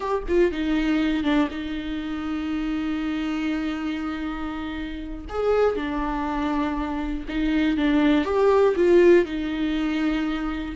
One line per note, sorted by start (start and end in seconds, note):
0.00 0.22 G4
0.28 0.51 F4
0.51 1.23 D#4
1.23 1.48 D4
1.50 5.25 D#4
5.29 5.75 G#4
5.75 7.25 D4
7.28 7.77 D#4
7.77 8.25 D4
8.25 8.75 G4
8.76 9.25 F4
9.25 10.75 D#4